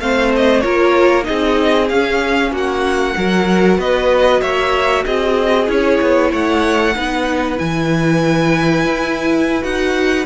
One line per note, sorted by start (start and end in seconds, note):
0.00 0.63 A3
0.00 0.63 C4
0.00 0.64 C5
0.00 0.32 F5
0.36 0.61 D#5
0.61 1.28 A#3
0.61 1.23 F4
0.61 1.27 A#4
0.61 1.24 C#5
1.23 1.86 D#4
1.23 2.52 G#4
1.23 1.88 D#5
1.30 1.91 C4
1.89 2.52 C#4
1.89 3.18 C#4
1.89 2.52 F5
2.52 3.15 A#3
2.52 3.15 F#4
2.58 3.81 F#5
3.17 3.78 F#3
3.17 5.67 F#4
3.17 3.79 A#4
3.78 4.41 B3
3.78 4.41 B4
3.78 4.42 D#5
4.41 5.05 A#3
4.41 5.04 C#5
4.41 5.05 E5
5.05 5.68 C4
5.05 6.31 G#4
5.05 5.69 D#5
5.67 6.00 C#4
5.67 6.94 E4
5.67 6.33 C#5
6.01 6.33 B3
6.31 6.96 A3
6.31 6.94 C#5
6.31 7.58 F#5
6.94 7.59 B3
6.94 7.57 D#4
6.94 10.26 B4
7.57 8.85 E3
7.57 9.61 E4
7.57 9.64 G#5
8.85 9.64 E4
9.61 10.26 D#4
9.61 10.25 F#4
9.61 10.26 F#5